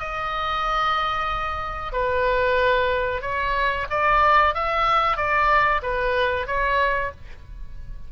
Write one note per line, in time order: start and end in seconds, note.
0.00 1.93 D#5
1.93 3.22 B4
3.22 3.87 C#5
3.90 4.55 D5
4.55 5.17 E5
5.17 5.82 D5
5.83 6.47 B4
6.47 7.12 C#5